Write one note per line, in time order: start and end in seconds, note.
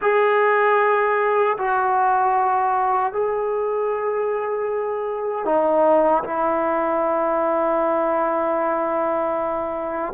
0.01 1.57 G#4
1.58 3.12 F#4
3.12 5.45 G#4
5.45 6.23 D#4
6.23 10.13 E4